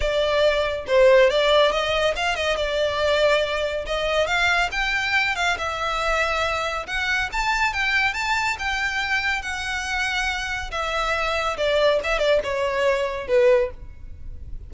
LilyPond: \new Staff \with { instrumentName = "violin" } { \time 4/4 \tempo 4 = 140 d''2 c''4 d''4 | dis''4 f''8 dis''8 d''2~ | d''4 dis''4 f''4 g''4~ | g''8 f''8 e''2. |
fis''4 a''4 g''4 a''4 | g''2 fis''2~ | fis''4 e''2 d''4 | e''8 d''8 cis''2 b'4 | }